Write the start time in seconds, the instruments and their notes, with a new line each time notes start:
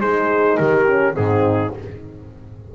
0.00 double bass G#3, horn D#4 G#4, trumpet C5
0.57 double bass D#3, horn G4, trumpet A#4
0.86 horn C#4
1.12 double bass G#2, horn C4 D#4, trumpet G#4